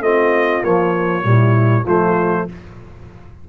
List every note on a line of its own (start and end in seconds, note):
0.00 0.61 A3
0.00 0.63 C4
0.00 1.26 F4
0.00 0.64 D#5
0.63 1.22 F3
0.63 1.24 A#3
0.63 1.86 C#5
1.22 1.85 A#2
1.22 1.83 G3
1.22 1.83 E4
1.83 2.47 F3
1.83 2.49 A3
1.83 2.44 F4
1.83 2.48 C5